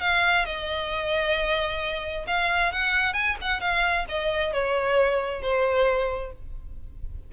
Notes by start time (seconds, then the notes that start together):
0.00 F5
0.45 D#5
2.27 F5
2.72 F#5
3.13 G#5
3.41 F#5
3.60 F5
4.08 D#5
4.53 C#5
5.41 C5